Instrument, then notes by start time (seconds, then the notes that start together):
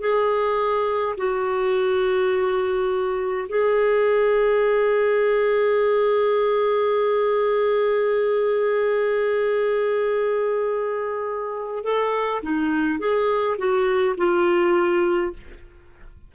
clarinet
0.00 G#4
1.17 F#4
3.48 G#4
11.84 A4
12.42 D#4
12.99 G#4
13.57 F#4
14.17 F4